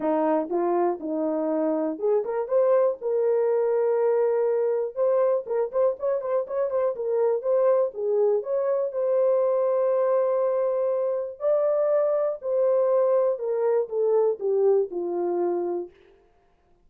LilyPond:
\new Staff \with { instrumentName = "horn" } { \time 4/4 \tempo 4 = 121 dis'4 f'4 dis'2 | gis'8 ais'8 c''4 ais'2~ | ais'2 c''4 ais'8 c''8 | cis''8 c''8 cis''8 c''8 ais'4 c''4 |
gis'4 cis''4 c''2~ | c''2. d''4~ | d''4 c''2 ais'4 | a'4 g'4 f'2 | }